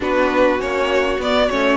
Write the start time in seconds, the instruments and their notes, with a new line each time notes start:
0.00 cello B3, viola D4, violin F#4 B4
0.58 cello A#3, viola C#4, violin C#5
1.18 cello B3, viola B3, violin D5
1.49 cello A3, viola C#4, violin C#5